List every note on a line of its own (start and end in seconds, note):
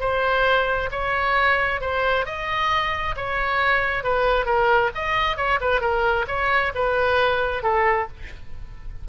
0.00 0.90 C5
0.91 1.81 C#5
1.81 2.26 C5
2.26 3.15 D#5
3.16 4.04 C#5
4.04 4.46 B4
4.46 4.91 A#4
4.95 5.37 D#5
5.37 5.59 C#5
5.61 5.81 B4
5.81 6.26 A#4
6.28 6.72 C#5
6.75 7.63 B4
7.63 8.08 A4